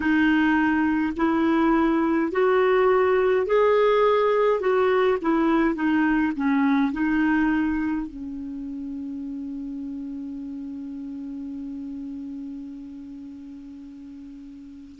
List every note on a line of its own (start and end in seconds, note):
0.00 1.13 D#4
1.16 2.31 E4
2.32 3.46 F#4
3.46 4.60 G#4
4.60 5.18 F#4
5.21 5.74 E4
5.74 6.32 D#4
6.36 6.92 C#4
6.92 8.07 D#4
8.07 14.99 C#4